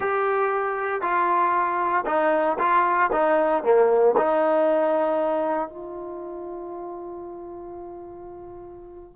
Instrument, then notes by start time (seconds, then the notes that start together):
trombone
0.00 G4
1.01 F4
2.05 D#4
2.58 F4
3.12 D#4
3.63 A#3
4.17 D#4
5.68 F4